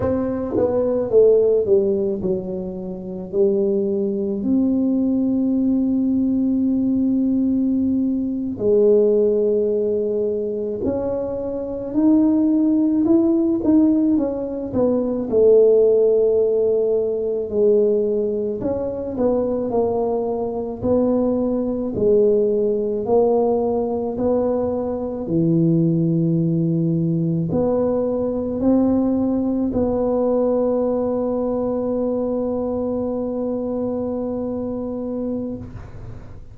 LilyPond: \new Staff \with { instrumentName = "tuba" } { \time 4/4 \tempo 4 = 54 c'8 b8 a8 g8 fis4 g4 | c'2.~ c'8. gis16~ | gis4.~ gis16 cis'4 dis'4 e'16~ | e'16 dis'8 cis'8 b8 a2 gis16~ |
gis8. cis'8 b8 ais4 b4 gis16~ | gis8. ais4 b4 e4~ e16~ | e8. b4 c'4 b4~ b16~ | b1 | }